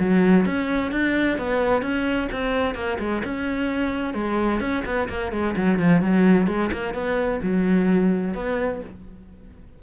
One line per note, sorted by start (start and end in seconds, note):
0.00 0.46 F#3
0.46 0.92 C#4
0.92 1.38 D4
1.38 1.82 B3
1.82 2.29 C#4
2.32 2.75 C4
2.75 2.99 A#3
3.00 3.23 G#3
3.25 4.15 C#4
4.15 4.61 G#3
4.61 4.84 C#4
4.85 5.09 B3
5.09 5.32 A#3
5.32 5.56 G#3
5.57 5.79 F#3
5.79 6.02 F3
6.02 6.48 F#3
6.48 6.71 G#3
6.73 6.94 A#3
6.94 7.41 B3
7.43 8.35 F#3
8.35 8.81 B3